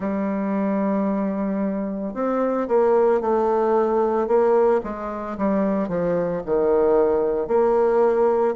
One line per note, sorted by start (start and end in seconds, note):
0.00 2.14 G3
2.14 2.67 C4
2.68 3.20 A#3
3.20 4.27 A3
4.27 4.81 A#3
4.83 5.37 G#3
5.37 5.88 G3
5.88 6.42 F3
6.45 7.47 D#3
7.47 8.55 A#3